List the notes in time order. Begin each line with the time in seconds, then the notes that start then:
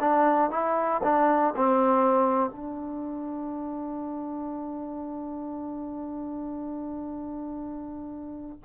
0.00 D4
0.50 E4
1.04 D4
1.56 C4
2.50 D4